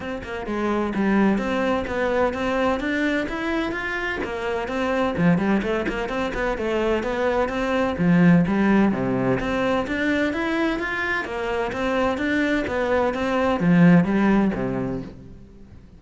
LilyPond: \new Staff \with { instrumentName = "cello" } { \time 4/4 \tempo 4 = 128 c'8 ais8 gis4 g4 c'4 | b4 c'4 d'4 e'4 | f'4 ais4 c'4 f8 g8 | a8 ais8 c'8 b8 a4 b4 |
c'4 f4 g4 c4 | c'4 d'4 e'4 f'4 | ais4 c'4 d'4 b4 | c'4 f4 g4 c4 | }